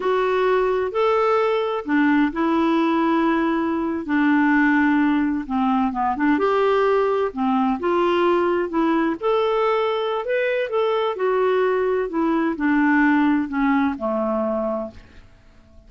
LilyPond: \new Staff \with { instrumentName = "clarinet" } { \time 4/4 \tempo 4 = 129 fis'2 a'2 | d'4 e'2.~ | e'8. d'2. c'16~ | c'8. b8 d'8 g'2 c'16~ |
c'8. f'2 e'4 a'16~ | a'2 b'4 a'4 | fis'2 e'4 d'4~ | d'4 cis'4 a2 | }